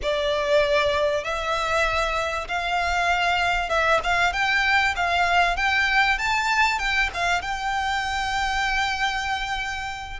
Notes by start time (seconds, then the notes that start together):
0.02 D5
1.24 E5
2.48 F5
3.69 E5
4.03 F5
4.32 G5
4.96 F5
5.56 G5
6.18 A5
6.78 G5
7.14 F5
7.41 G5